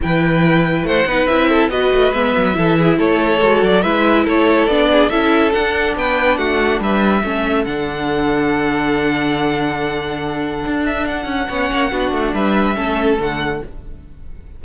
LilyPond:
<<
  \new Staff \with { instrumentName = "violin" } { \time 4/4 \tempo 4 = 141 g''2 fis''4 e''4 | dis''4 e''2 cis''4~ | cis''8 d''8 e''4 cis''4 d''4 | e''4 fis''4 g''4 fis''4 |
e''2 fis''2~ | fis''1~ | fis''4. e''8 fis''2~ | fis''4 e''2 fis''4 | }
  \new Staff \with { instrumentName = "violin" } { \time 4/4 b'2 c''8 b'4 a'8 | b'2 a'8 gis'8 a'4~ | a'4 b'4 a'4. gis'8 | a'2 b'4 fis'4 |
b'4 a'2.~ | a'1~ | a'2. cis''4 | fis'4 b'4 a'2 | }
  \new Staff \with { instrumentName = "viola" } { \time 4/4 e'2~ e'8 dis'8 e'4 | fis'4 b4 e'2 | fis'4 e'2 d'4 | e'4 d'2.~ |
d'4 cis'4 d'2~ | d'1~ | d'2. cis'4 | d'2 cis'4 a4 | }
  \new Staff \with { instrumentName = "cello" } { \time 4/4 e2 a8 b8 c'4 | b8 a8 gis8 fis8 e4 a4 | gis8 fis8 gis4 a4 b4 | cis'4 d'4 b4 a4 |
g4 a4 d2~ | d1~ | d4 d'4. cis'8 b8 ais8 | b8 a8 g4 a4 d4 | }
>>